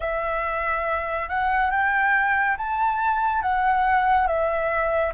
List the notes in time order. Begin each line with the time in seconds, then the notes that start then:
0.00 E5
1.29 F#5
1.71 G5
2.57 A5
3.42 F#5
4.27 E5